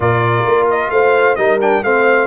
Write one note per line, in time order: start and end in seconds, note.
0.00 0.44 A#2
0.00 1.37 F4
0.00 0.90 A#4
0.00 0.68 D5
0.46 0.90 A#3
0.70 0.90 D#5
0.90 1.36 A3
0.90 1.38 C5
0.90 1.35 F5
1.35 1.82 G3
1.35 1.60 D#4
1.35 1.83 A#4
1.35 1.58 D#5
1.60 1.83 D4
1.60 1.83 G5
1.83 2.27 A3
1.83 2.27 C4
1.83 2.27 C5
1.83 2.27 F5